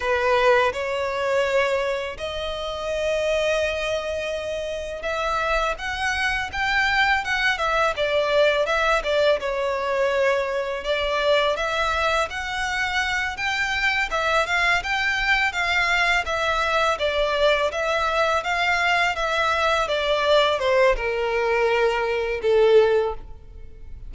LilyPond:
\new Staff \with { instrumentName = "violin" } { \time 4/4 \tempo 4 = 83 b'4 cis''2 dis''4~ | dis''2. e''4 | fis''4 g''4 fis''8 e''8 d''4 | e''8 d''8 cis''2 d''4 |
e''4 fis''4. g''4 e''8 | f''8 g''4 f''4 e''4 d''8~ | d''8 e''4 f''4 e''4 d''8~ | d''8 c''8 ais'2 a'4 | }